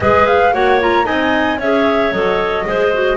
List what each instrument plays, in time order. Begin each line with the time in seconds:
0.00 double bass G#3, clarinet G#4 B4, flute D#5
0.27 flute F5
0.53 double bass A#3, clarinet F#4 C#5, flute F#5
0.80 clarinet F4, flute A#5
1.04 double bass C4, clarinet D#4 D#5, flute G#5
1.58 double bass C#4, clarinet G#4 C#5, flute E5
2.12 double bass F#3, clarinet A4, flute D#5
2.65 double bass G#3, clarinet G#4 C5
2.93 clarinet F#4